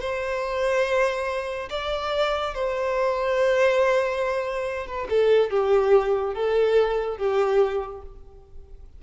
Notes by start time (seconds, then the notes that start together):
0.00 C5
1.70 D5
2.54 C5
4.86 B4
5.10 A4
5.50 G4
6.34 A4
7.17 G4